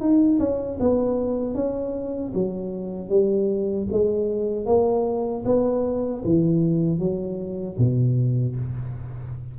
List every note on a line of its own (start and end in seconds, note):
0.00 0.39 D#4
0.40 0.79 C#4
0.80 1.55 B3
1.55 2.33 C#4
2.34 3.10 F#3
3.10 3.87 G3
3.92 4.66 G#3
4.66 5.44 A#3
5.45 6.23 B3
6.25 6.99 E3
6.99 7.77 F#3
7.78 8.56 B2